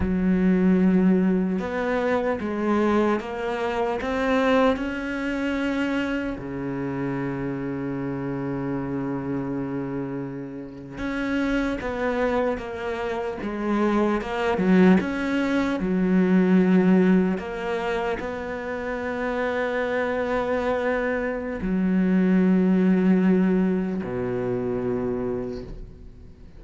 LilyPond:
\new Staff \with { instrumentName = "cello" } { \time 4/4 \tempo 4 = 75 fis2 b4 gis4 | ais4 c'4 cis'2 | cis1~ | cis4.~ cis16 cis'4 b4 ais16~ |
ais8. gis4 ais8 fis8 cis'4 fis16~ | fis4.~ fis16 ais4 b4~ b16~ | b2. fis4~ | fis2 b,2 | }